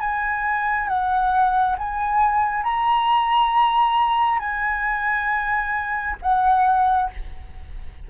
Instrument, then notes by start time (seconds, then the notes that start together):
flute
0.00 G#5
0.88 F#5
1.78 G#5
2.64 A#5
4.39 G#5
6.22 F#5